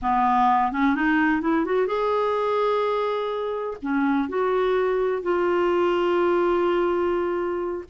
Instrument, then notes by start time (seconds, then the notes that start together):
clarinet
0.02 B3
0.72 C#4
0.95 D#4
1.41 E4
1.65 F#4
1.86 G#4
3.82 C#4
4.28 F#4
5.22 F4